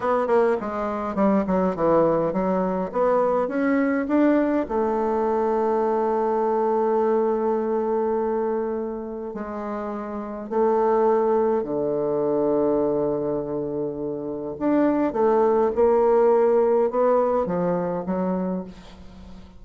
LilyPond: \new Staff \with { instrumentName = "bassoon" } { \time 4/4 \tempo 4 = 103 b8 ais8 gis4 g8 fis8 e4 | fis4 b4 cis'4 d'4 | a1~ | a1 |
gis2 a2 | d1~ | d4 d'4 a4 ais4~ | ais4 b4 f4 fis4 | }